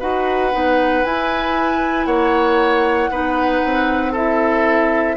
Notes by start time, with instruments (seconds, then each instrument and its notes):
0.00 bassoon D#4, clarinet F#4, oboe B4, flute F#5
0.52 bassoon B3, clarinet D#4
1.04 bassoon E4, clarinet E4, flute G#5
2.06 bassoon A#3, oboe C#5, flute F#5
3.11 bassoon B3, clarinet D#4, oboe B4
3.64 bassoon C4
4.12 clarinet E4, oboe A4, flute E5